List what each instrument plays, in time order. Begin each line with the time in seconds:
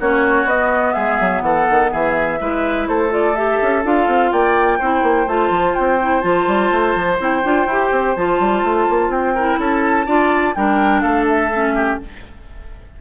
0.00 bassoon A#3, clarinet C#4, oboe F#4, flute C#5
0.45 bassoon B3, clarinet B3, flute D#5
0.94 bassoon G#3, oboe G#4, flute E5
1.21 bassoon F#3
1.42 bassoon E3, oboe A4, flute F#5
1.70 bassoon D#3
1.92 bassoon E3, oboe G#4, flute E5
2.41 bassoon G#3, clarinet E4, oboe B4
2.88 bassoon A3, oboe A4, flute C5
3.10 clarinet F4, flute D5
3.36 clarinet G4, flute E5
3.62 bassoon C#4
3.84 bassoon D4, clarinet F4, flute F5
4.08 bassoon C4
4.32 bassoon A#3, oboe D5, flute G5
4.79 bassoon C4, clarinet E4, oboe C5
5.03 bassoon A#3
5.28 bassoon A3, clarinet F4, flute A5
5.50 bassoon F3
5.75 bassoon C4, flute G5
6.02 clarinet E4
6.21 bassoon F3, clarinet F4, flute A5
6.47 bassoon G3
6.72 bassoon A3
6.95 bassoon F3
7.19 bassoon C4, clarinet E4, flute G5
7.44 bassoon D4, clarinet F4
7.67 bassoon E4, clarinet G4
7.92 bassoon C4
8.16 bassoon F3, clarinet F4, flute A5
8.40 bassoon G3
8.63 bassoon A3
8.90 bassoon A#3
9.09 bassoon C4, flute G5
9.35 clarinet E4, oboe A#4
9.59 bassoon C#4, oboe A4, flute A5
10.06 bassoon D4, clarinet F4, oboe D5
10.55 bassoon G3, clarinet D4, oboe A#4, flute G5
11.01 bassoon A3, oboe A4, flute F5
11.28 flute E5
11.53 clarinet C#4
11.75 oboe G4